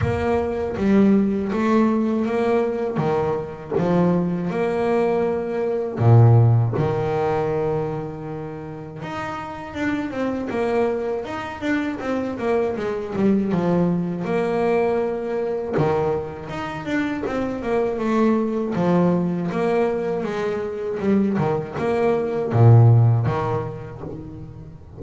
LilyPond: \new Staff \with { instrumentName = "double bass" } { \time 4/4 \tempo 4 = 80 ais4 g4 a4 ais4 | dis4 f4 ais2 | ais,4 dis2. | dis'4 d'8 c'8 ais4 dis'8 d'8 |
c'8 ais8 gis8 g8 f4 ais4~ | ais4 dis4 dis'8 d'8 c'8 ais8 | a4 f4 ais4 gis4 | g8 dis8 ais4 ais,4 dis4 | }